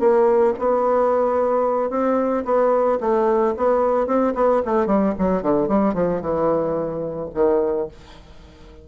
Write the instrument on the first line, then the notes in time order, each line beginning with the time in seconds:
bassoon
0.00 A#3
0.59 B3
1.90 C4
2.45 B3
3.01 A3
3.57 B3
4.07 C4
4.35 B3
4.65 A3
4.87 G3
5.19 F#3
5.43 D3
5.68 G3
5.95 F3
6.22 E3
7.34 D#3